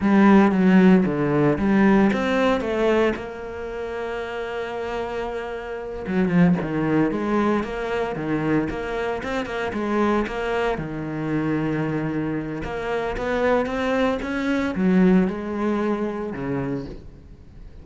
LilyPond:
\new Staff \with { instrumentName = "cello" } { \time 4/4 \tempo 4 = 114 g4 fis4 d4 g4 | c'4 a4 ais2~ | ais2.~ ais8 fis8 | f8 dis4 gis4 ais4 dis8~ |
dis8 ais4 c'8 ais8 gis4 ais8~ | ais8 dis2.~ dis8 | ais4 b4 c'4 cis'4 | fis4 gis2 cis4 | }